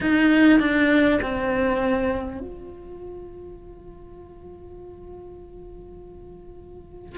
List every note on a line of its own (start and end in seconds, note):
0.00 0.59 D#4
0.59 1.19 D4
1.22 2.39 C4
2.39 7.17 F4